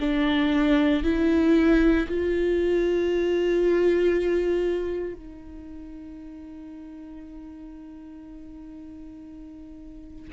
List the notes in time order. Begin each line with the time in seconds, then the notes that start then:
0.00 D4
1.03 E4
2.08 F4
5.14 D#4